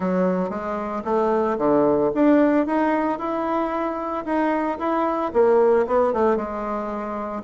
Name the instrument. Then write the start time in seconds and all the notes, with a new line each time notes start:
bassoon
0.00 F#3
0.49 G#3
1.04 A3
1.58 D3
2.14 D4
2.66 D#4
3.18 E4
4.25 D#4
4.78 E4
5.33 A#3
5.86 B3
6.13 A3
6.36 G#3